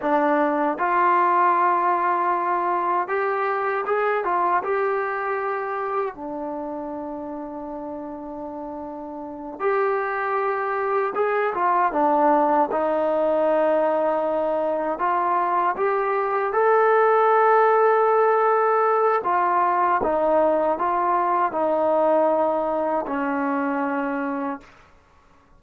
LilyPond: \new Staff \with { instrumentName = "trombone" } { \time 4/4 \tempo 4 = 78 d'4 f'2. | g'4 gis'8 f'8 g'2 | d'1~ | d'8 g'2 gis'8 f'8 d'8~ |
d'8 dis'2. f'8~ | f'8 g'4 a'2~ a'8~ | a'4 f'4 dis'4 f'4 | dis'2 cis'2 | }